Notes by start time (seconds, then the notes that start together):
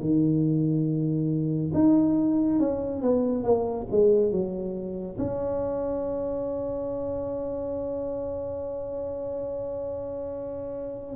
0.00 D#3
1.73 D#4
2.59 C#4
3.01 B3
3.44 A#3
3.91 G#3
4.31 F#3
5.18 C#4